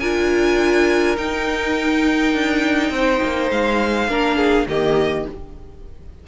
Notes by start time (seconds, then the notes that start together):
0.00 D4 F4 A#4 G#5
1.17 D#4 G5
2.34 D4
2.90 C4 C5
3.24 A#3
3.51 G#3 F5
4.08 A#3 D4 A#4
4.37 G#4
4.67 D#3 A#3 G4 D#5